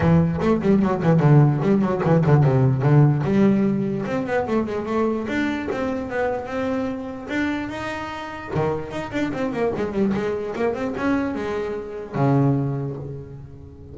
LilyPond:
\new Staff \with { instrumentName = "double bass" } { \time 4/4 \tempo 4 = 148 e4 a8 g8 fis8 e8 d4 | g8 fis8 e8 d8 c4 d4 | g2 c'8 b8 a8 gis8 | a4 d'4 c'4 b4 |
c'2 d'4 dis'4~ | dis'4 dis4 dis'8 d'8 c'8 ais8 | gis8 g8 gis4 ais8 c'8 cis'4 | gis2 cis2 | }